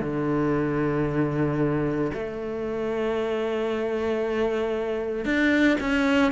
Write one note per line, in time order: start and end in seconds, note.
0.00 2.11 D3
2.13 5.25 A3
5.25 5.78 D4
5.80 6.32 C#4